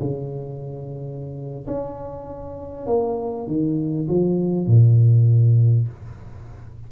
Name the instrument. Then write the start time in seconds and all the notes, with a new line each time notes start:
tuba
0.00 C#3
1.67 C#4
2.87 A#3
3.47 D#3
4.08 F3
4.67 A#2